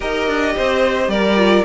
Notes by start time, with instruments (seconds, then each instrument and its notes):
0.00 cello D#4, viola G4, violin A#4 D#5
0.27 cello D4
0.56 cello C4, violin C5
1.08 cello G3, violin A#4 D5
1.36 viola F4